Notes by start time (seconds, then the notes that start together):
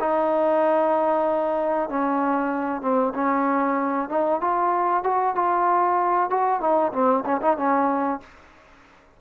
0.00 D#4
1.90 C#4
2.82 C4
3.15 C#4
4.10 D#4
4.41 F4
5.04 F#4
5.36 F4
6.30 F#4
6.61 D#4
6.93 C4
7.25 C#4
7.42 D#4
7.58 C#4